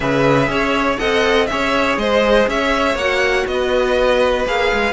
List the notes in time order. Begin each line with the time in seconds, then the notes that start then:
0.00 C#3 G#4 B4 E5
0.48 C#4 C#5
0.98 C4 A4 D#5 F#5
1.46 C#4 G#4 C#5 E5
1.97 G#3 C5 D#5
2.47 C#4 C#5 E5
2.95 A#3 F#4 F#5
3.47 B3 B4 D#5
4.46 A#3 G#4 F5
4.72 G#3